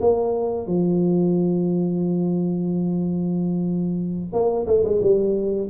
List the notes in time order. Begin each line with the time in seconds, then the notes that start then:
0.00 A#3
0.67 F3
4.32 A#3
4.67 A3
4.84 G#3
5.02 G3